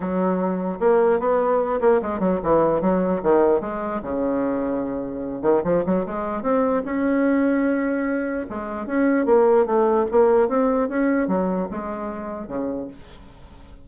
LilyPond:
\new Staff \with { instrumentName = "bassoon" } { \time 4/4 \tempo 4 = 149 fis2 ais4 b4~ | b8 ais8 gis8 fis8 e4 fis4 | dis4 gis4 cis2~ | cis4. dis8 f8 fis8 gis4 |
c'4 cis'2.~ | cis'4 gis4 cis'4 ais4 | a4 ais4 c'4 cis'4 | fis4 gis2 cis4 | }